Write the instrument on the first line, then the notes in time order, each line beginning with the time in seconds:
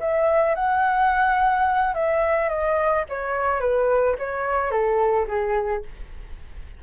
flute
0.00 E5
0.55 F#5
1.94 E5
2.49 D#5
3.09 C#5
3.60 B4
4.19 C#5
4.71 A4
5.28 G#4